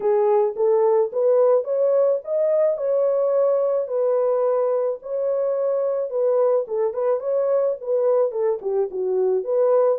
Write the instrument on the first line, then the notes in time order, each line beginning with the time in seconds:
horn
0.00 G#4
0.56 A4
1.12 B4
1.64 C#5
2.24 D#5
2.77 C#5
3.87 B4
5.02 C#5
6.10 B4
6.67 A4
6.93 B4
7.20 C#5
7.80 B4
8.31 A4
8.61 G4
8.90 F#4
9.44 B4